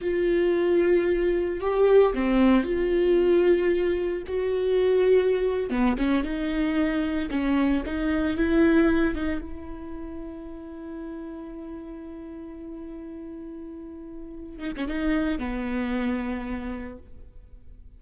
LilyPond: \new Staff \with { instrumentName = "viola" } { \time 4/4 \tempo 4 = 113 f'2. g'4 | c'4 f'2. | fis'2~ fis'8. b8 cis'8 dis'16~ | dis'4.~ dis'16 cis'4 dis'4 e'16~ |
e'4~ e'16 dis'8 e'2~ e'16~ | e'1~ | e'2.~ e'8 dis'16 cis'16 | dis'4 b2. | }